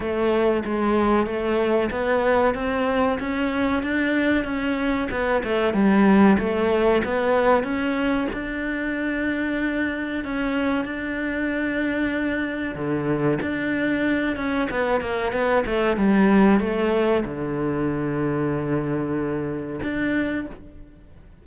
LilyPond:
\new Staff \with { instrumentName = "cello" } { \time 4/4 \tempo 4 = 94 a4 gis4 a4 b4 | c'4 cis'4 d'4 cis'4 | b8 a8 g4 a4 b4 | cis'4 d'2. |
cis'4 d'2. | d4 d'4. cis'8 b8 ais8 | b8 a8 g4 a4 d4~ | d2. d'4 | }